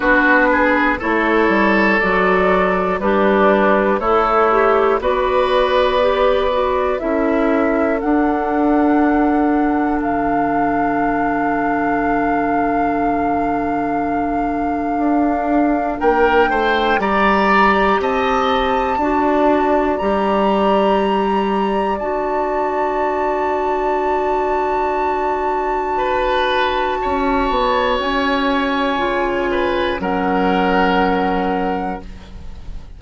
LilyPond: <<
  \new Staff \with { instrumentName = "flute" } { \time 4/4 \tempo 4 = 60 b'4 cis''4 d''4 b'4 | cis''4 d''2 e''4 | fis''2 f''2~ | f''1 |
g''4 ais''4 a''2 | ais''2 a''2~ | a''1 | gis''2 fis''2 | }
  \new Staff \with { instrumentName = "oboe" } { \time 4/4 fis'8 gis'8 a'2 d'4 | e'4 b'2 a'4~ | a'1~ | a'1 |
ais'8 c''8 d''4 dis''4 d''4~ | d''1~ | d''2 b'4 cis''4~ | cis''4. b'8 ais'2 | }
  \new Staff \with { instrumentName = "clarinet" } { \time 4/4 d'4 e'4 fis'4 g'4 | a'8 g'8 fis'4 g'8 fis'8 e'4 | d'1~ | d'1~ |
d'4 g'2 fis'4 | g'2 fis'2~ | fis'1~ | fis'4 f'4 cis'2 | }
  \new Staff \with { instrumentName = "bassoon" } { \time 4/4 b4 a8 g8 fis4 g4 | a4 b2 cis'4 | d'2 d2~ | d2. d'4 |
ais8 a8 g4 c'4 d'4 | g2 d'2~ | d'2. cis'8 b8 | cis'4 cis4 fis2 | }
>>